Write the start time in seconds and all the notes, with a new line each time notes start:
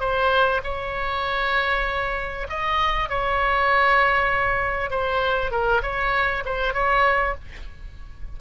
0.00 C5
0.64 C#5
2.49 D#5
3.09 C#5
4.91 C5
5.51 A#4
5.83 C#5
6.46 C5
6.74 C#5